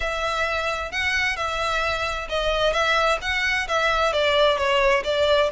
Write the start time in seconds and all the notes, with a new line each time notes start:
0.00 E5
0.91 F#5
1.36 E5
2.29 D#5
2.72 E5
3.21 F#5
3.68 E5
4.12 D5
4.57 C#5
5.04 D5